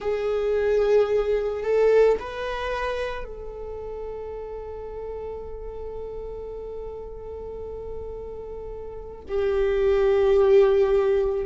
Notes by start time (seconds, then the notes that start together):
0.00 G#4
1.63 A4
2.19 B4
3.24 A4
9.28 G4